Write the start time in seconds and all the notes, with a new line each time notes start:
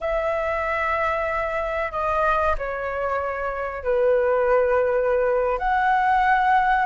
0.01 E5
1.91 D#5
2.58 C#5
3.83 B4
5.58 F#5